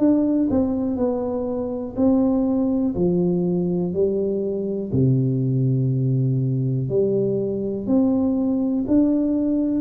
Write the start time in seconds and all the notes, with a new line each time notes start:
0.00 D4
0.51 C4
0.97 B3
1.97 C4
2.96 F3
3.93 G3
4.93 C3
6.89 G3
7.87 C4
8.88 D4